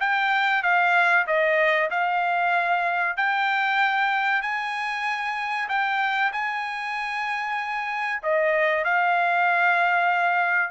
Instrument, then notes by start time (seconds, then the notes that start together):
trumpet
0.00 G5
0.63 F5
1.27 D#5
1.90 F5
3.17 G5
4.42 G#5
5.68 G5
6.32 G#5
8.22 D#5
8.84 F5